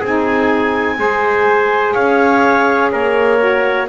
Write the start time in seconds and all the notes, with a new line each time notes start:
0.00 C4 D#4 G#4 G#5
0.98 G#3 G#4 C5
1.93 C#4 C#5 F5
2.91 A#3 A#4 C#5
3.39 F#4